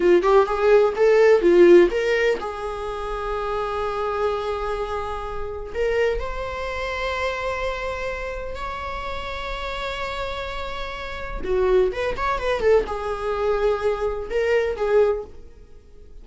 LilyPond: \new Staff \with { instrumentName = "viola" } { \time 4/4 \tempo 4 = 126 f'8 g'8 gis'4 a'4 f'4 | ais'4 gis'2.~ | gis'1 | ais'4 c''2.~ |
c''2 cis''2~ | cis''1 | fis'4 b'8 cis''8 b'8 a'8 gis'4~ | gis'2 ais'4 gis'4 | }